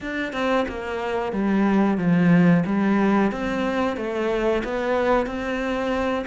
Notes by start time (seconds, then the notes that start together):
0.00 D4
0.33 C4
0.68 A#3
1.32 G3
1.98 F3
2.66 G3
3.31 C4
3.97 A3
4.64 B3
5.26 C4